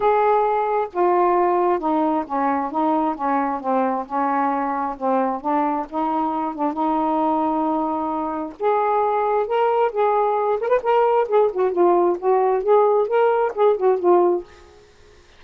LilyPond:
\new Staff \with { instrumentName = "saxophone" } { \time 4/4 \tempo 4 = 133 gis'2 f'2 | dis'4 cis'4 dis'4 cis'4 | c'4 cis'2 c'4 | d'4 dis'4. d'8 dis'4~ |
dis'2. gis'4~ | gis'4 ais'4 gis'4. ais'16 b'16 | ais'4 gis'8 fis'8 f'4 fis'4 | gis'4 ais'4 gis'8 fis'8 f'4 | }